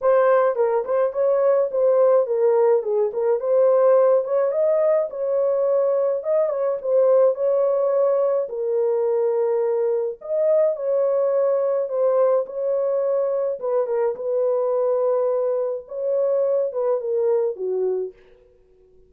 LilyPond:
\new Staff \with { instrumentName = "horn" } { \time 4/4 \tempo 4 = 106 c''4 ais'8 c''8 cis''4 c''4 | ais'4 gis'8 ais'8 c''4. cis''8 | dis''4 cis''2 dis''8 cis''8 | c''4 cis''2 ais'4~ |
ais'2 dis''4 cis''4~ | cis''4 c''4 cis''2 | b'8 ais'8 b'2. | cis''4. b'8 ais'4 fis'4 | }